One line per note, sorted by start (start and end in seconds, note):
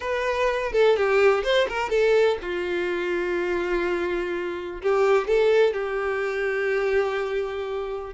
0.00 0.72 B4
0.72 0.96 A4
0.96 1.43 G4
1.43 1.67 C5
1.68 1.89 A#4
1.89 2.37 A4
2.41 4.81 F4
4.81 5.27 G4
5.27 5.73 A4
5.73 8.13 G4